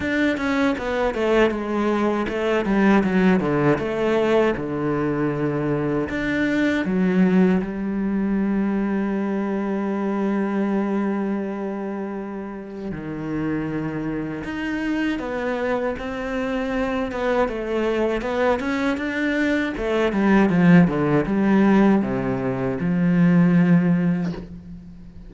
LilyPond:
\new Staff \with { instrumentName = "cello" } { \time 4/4 \tempo 4 = 79 d'8 cis'8 b8 a8 gis4 a8 g8 | fis8 d8 a4 d2 | d'4 fis4 g2~ | g1~ |
g4 dis2 dis'4 | b4 c'4. b8 a4 | b8 cis'8 d'4 a8 g8 f8 d8 | g4 c4 f2 | }